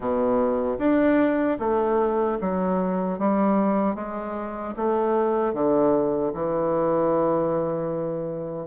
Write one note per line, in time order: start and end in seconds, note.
0.00 0.78 B2
0.79 1.58 D4
1.59 2.38 A3
2.40 3.18 F#3
3.18 3.95 G3
3.95 4.74 G#3
4.76 5.53 A3
5.53 6.32 D3
6.33 8.67 E3